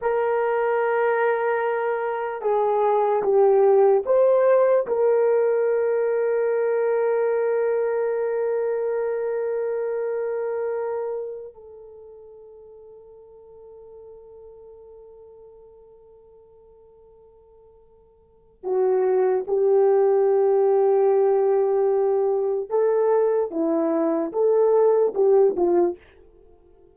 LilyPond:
\new Staff \with { instrumentName = "horn" } { \time 4/4 \tempo 4 = 74 ais'2. gis'4 | g'4 c''4 ais'2~ | ais'1~ | ais'2~ ais'16 a'4.~ a'16~ |
a'1~ | a'2. fis'4 | g'1 | a'4 e'4 a'4 g'8 f'8 | }